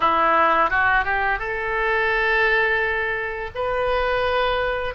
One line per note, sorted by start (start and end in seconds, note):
0.00 0.69 E4
0.69 1.04 F#4
1.04 1.38 G4
1.38 3.50 A4
3.55 4.94 B4